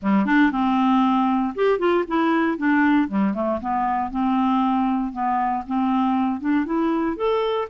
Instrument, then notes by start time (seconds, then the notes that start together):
clarinet
0.02 G3
0.25 D4
0.51 C4
1.55 G4
1.78 F4
2.07 E4
2.57 D4
3.08 G3
3.34 A3
3.60 B3
4.10 C4
5.12 B3
5.66 C4
6.40 D4
6.65 E4
7.16 A4